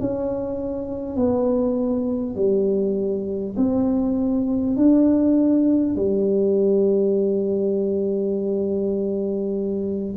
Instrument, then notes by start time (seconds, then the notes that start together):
tuba
0.00 C#4
1.17 B3
2.36 G3
3.57 C4
4.77 D4
5.96 G3